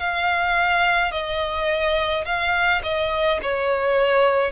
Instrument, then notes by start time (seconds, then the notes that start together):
violin
0.00 F5
1.12 D#5
2.25 F5
2.84 D#5
3.43 C#5